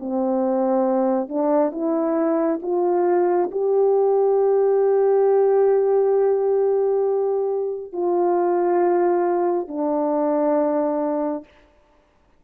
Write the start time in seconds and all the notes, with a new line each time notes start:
0.00 C4
1.29 D4
1.72 E4
2.62 F4
3.52 G4
7.93 F4
9.68 D4